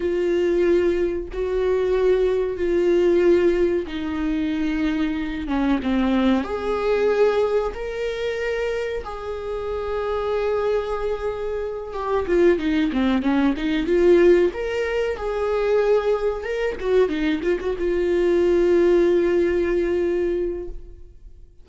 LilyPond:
\new Staff \with { instrumentName = "viola" } { \time 4/4 \tempo 4 = 93 f'2 fis'2 | f'2 dis'2~ | dis'8 cis'8 c'4 gis'2 | ais'2 gis'2~ |
gis'2~ gis'8 g'8 f'8 dis'8 | c'8 cis'8 dis'8 f'4 ais'4 gis'8~ | gis'4. ais'8 fis'8 dis'8 f'16 fis'16 f'8~ | f'1 | }